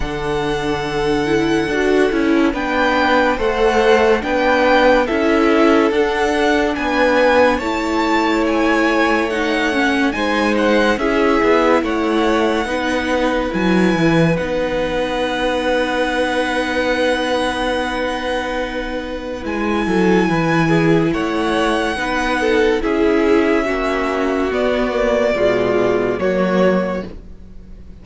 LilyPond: <<
  \new Staff \with { instrumentName = "violin" } { \time 4/4 \tempo 4 = 71 fis''2. g''4 | fis''4 g''4 e''4 fis''4 | gis''4 a''4 gis''4 fis''4 | gis''8 fis''8 e''4 fis''2 |
gis''4 fis''2.~ | fis''2. gis''4~ | gis''4 fis''2 e''4~ | e''4 d''2 cis''4 | }
  \new Staff \with { instrumentName = "violin" } { \time 4/4 a'2. b'4 | c''4 b'4 a'2 | b'4 cis''2. | c''4 gis'4 cis''4 b'4~ |
b'1~ | b'2.~ b'8 a'8 | b'8 gis'8 cis''4 b'8 a'8 gis'4 | fis'2 f'4 fis'4 | }
  \new Staff \with { instrumentName = "viola" } { \time 4/4 d'4. e'8 fis'8 e'8 d'4 | a'4 d'4 e'4 d'4~ | d'4 e'2 dis'8 cis'8 | dis'4 e'2 dis'4 |
e'4 dis'2.~ | dis'2. e'4~ | e'2 dis'4 e'4 | cis'4 b8 ais8 gis4 ais4 | }
  \new Staff \with { instrumentName = "cello" } { \time 4/4 d2 d'8 cis'8 b4 | a4 b4 cis'4 d'4 | b4 a2. | gis4 cis'8 b8 a4 b4 |
fis8 e8 b2.~ | b2. gis8 fis8 | e4 a4 b4 cis'4 | ais4 b4 b,4 fis4 | }
>>